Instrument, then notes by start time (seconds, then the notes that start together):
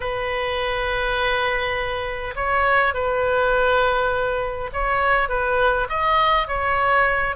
oboe
0.00 B4
2.35 C#5
2.94 B4
4.72 C#5
5.29 B4
5.89 D#5
6.47 C#5